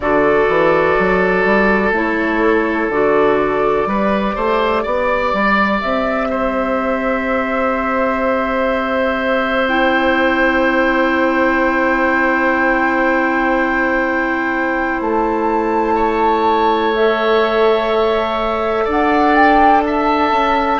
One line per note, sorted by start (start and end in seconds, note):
0.00 0.46 D3
0.00 1.94 F#4
0.00 3.88 A4
0.00 1.92 D5
0.48 0.96 E3
0.99 1.45 F#3
1.45 1.91 G3
1.91 2.88 A3
1.91 2.91 E4
1.91 2.91 C#5
2.89 3.85 D3
2.89 3.87 F#4
2.89 5.80 D5
3.85 4.34 G3
3.85 9.67 G4
3.85 4.35 B4
4.35 4.84 A3
4.35 4.82 C5
4.82 5.33 B3
4.82 6.27 D5
5.33 5.81 G3
5.80 15.00 C4
5.80 9.67 E5
6.29 15.95 C5
9.67 16.93 E4
9.67 14.99 G5
15.00 18.87 A3
15.00 16.94 A5
15.95 18.84 C#5
16.94 20.80 A4
16.94 18.87 E5
18.84 20.31 D4
18.84 19.81 D5
18.84 19.34 F#5
19.34 19.82 G5
19.84 20.80 E5
19.84 20.80 A5
20.31 20.79 C#4